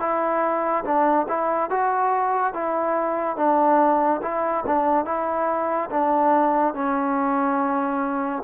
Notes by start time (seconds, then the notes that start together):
0.00 E4
0.85 D4
1.29 E4
1.70 F#4
2.54 E4
3.36 D4
4.23 E4
4.67 D4
5.06 E4
5.91 D4
6.74 C#4